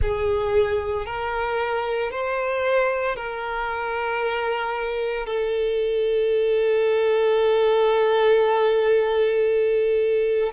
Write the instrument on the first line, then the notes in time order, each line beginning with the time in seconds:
violin
0.01 G#4
1.06 A#4
2.11 C5
3.16 A#4
5.26 A4